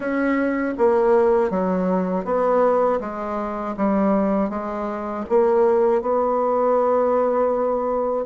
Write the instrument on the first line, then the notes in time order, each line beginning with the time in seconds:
bassoon
0.00 C#4
0.77 A#3
1.50 F#3
2.24 B3
3.00 G#3
3.76 G3
4.49 G#3
5.29 A#3
6.01 B3